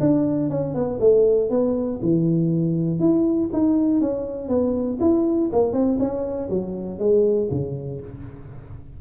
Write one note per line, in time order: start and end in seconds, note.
0.00 0.50 D4
0.50 0.74 C#4
0.74 0.99 B3
1.00 1.50 A3
1.50 2.00 B3
2.02 3.00 E3
3.00 3.50 E4
3.53 4.00 D#4
4.00 4.48 C#4
4.48 4.98 B3
5.00 5.50 E4
5.52 5.73 A#3
5.73 5.98 C4
5.99 6.49 C#4
6.49 6.99 F#3
6.99 7.49 G#3
7.51 8.01 C#3